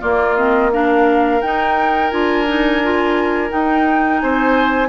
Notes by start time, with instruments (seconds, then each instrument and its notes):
0.00 clarinet A#3, bassoon A#3, oboe F4, flute D5
0.36 clarinet C4, flute D#5
0.71 clarinet D4, oboe A#4, flute F5
1.41 clarinet D#4, bassoon D#4, flute G5
2.11 bassoon D4, clarinet F4, flute G#5
2.46 clarinet D#4
2.83 clarinet F4
3.49 clarinet D#4, bassoon D#4, flute G5
4.19 bassoon C4, oboe C5, flute G#5